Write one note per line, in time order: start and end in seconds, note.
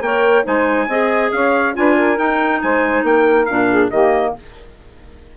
0.00 0.43 A#3
0.00 0.43 A#4
0.00 0.44 C#5
0.00 0.45 G5
0.43 0.87 G#3
0.43 0.86 D#4
0.43 0.87 C5
0.43 1.31 G#5
0.87 1.31 C4
0.87 1.73 G#4
0.87 1.32 D#5
1.31 1.75 C#4
1.31 1.76 C#5
1.31 1.74 F5
1.73 2.18 D4
1.73 2.16 F4
1.73 1.96 B4
1.73 2.18 G#5
1.96 2.61 A#4
2.16 3.45 D#4
2.16 2.61 D#4
2.16 2.61 G5
2.61 3.03 G#3
2.61 3.05 C5
2.61 3.04 G#5
3.03 3.46 A#3
3.03 3.70 A#4
3.03 3.45 G5
3.45 3.90 A#2
3.45 3.92 D4
3.45 3.88 F5
3.70 3.90 G#4
3.90 4.34 D#3
3.90 4.36 A#3
3.90 4.33 G4
3.90 4.33 D#5